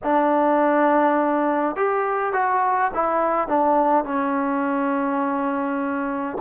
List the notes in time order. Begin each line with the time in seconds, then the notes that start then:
0.03 D4
1.76 G4
2.32 F#4
2.94 E4
3.48 D4
4.04 C#4